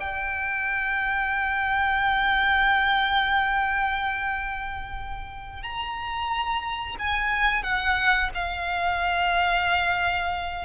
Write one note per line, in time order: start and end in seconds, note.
0.00 5.63 G5
5.63 6.96 A#5
6.99 7.63 G#5
7.63 8.30 F#5
8.34 10.65 F5